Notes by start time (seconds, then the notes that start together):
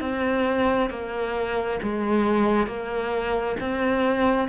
0.00 C4
0.90 A#3
1.82 G#3
2.66 A#3
3.59 C4